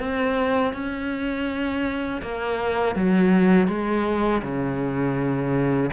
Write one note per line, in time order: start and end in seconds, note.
0.00 0.74 C4
0.74 2.22 C#4
2.22 2.96 A#3
2.96 3.68 F#3
3.68 4.42 G#3
4.43 5.91 C#3